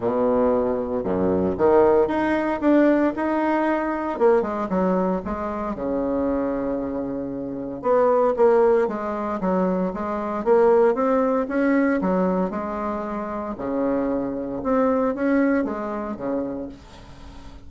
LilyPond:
\new Staff \with { instrumentName = "bassoon" } { \time 4/4 \tempo 4 = 115 b,2 fis,4 dis4 | dis'4 d'4 dis'2 | ais8 gis8 fis4 gis4 cis4~ | cis2. b4 |
ais4 gis4 fis4 gis4 | ais4 c'4 cis'4 fis4 | gis2 cis2 | c'4 cis'4 gis4 cis4 | }